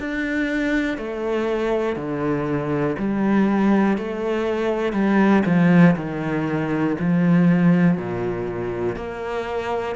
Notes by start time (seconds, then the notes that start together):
0.00 D4
0.98 A3
1.97 D3
2.99 G3
3.98 A3
4.93 G3
5.46 F3
5.97 D#3
7.00 F3
7.98 A#2
8.97 A#3